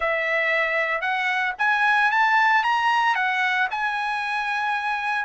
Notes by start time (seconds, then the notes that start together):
0.00 E5
1.01 F#5
1.58 G#5
2.11 A5
2.63 A#5
3.15 F#5
3.70 G#5